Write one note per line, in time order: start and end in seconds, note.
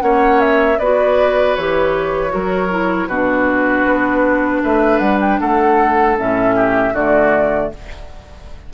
0.00 0.79 A#3
0.00 0.77 C#4
0.00 0.79 C#5
0.00 0.40 F#5
0.40 0.79 E5
0.79 1.56 B3
0.79 1.58 F#4
0.79 2.33 B4
0.79 1.55 D5
1.56 2.34 E3
1.56 2.29 G4
1.56 3.08 C#5
2.29 3.08 F#3
2.29 2.67 F#4
2.29 3.08 A#4
2.70 3.09 E4
3.08 3.85 B2
3.08 6.17 D4
3.08 4.62 F#4
3.08 4.62 B4
3.85 4.62 B3
4.63 5.00 A3
4.63 5.40 B4
4.63 4.99 E5
4.99 5.38 G3
4.99 5.18 F#5
5.21 5.40 G5
5.40 6.18 A3
5.40 6.55 A4
5.40 6.17 F#5
6.17 6.93 A2
6.17 6.94 C#4
6.17 6.95 E5
6.55 6.94 G4
6.93 7.70 D3
6.93 7.73 A3
6.93 7.71 F#4
6.93 7.72 D5